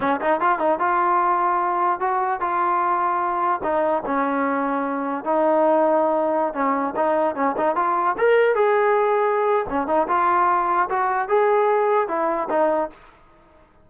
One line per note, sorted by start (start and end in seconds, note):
0.00 0.20 C#4
0.20 0.40 D#4
0.40 0.58 F4
0.58 0.79 D#4
0.79 2.00 F4
2.00 2.40 F#4
2.40 3.61 F4
3.63 4.03 D#4
4.06 5.24 C#4
5.24 6.53 D#4
6.53 6.94 C#4
6.96 7.35 D#4
7.35 7.55 C#4
7.57 7.75 D#4
7.75 8.15 F4
8.17 8.55 A#4
8.55 9.66 G#4
9.69 9.87 C#4
9.87 10.07 D#4
10.08 10.88 F4
10.89 11.28 F#4
11.28 12.07 G#4
12.07 12.48 E4
12.49 12.89 D#4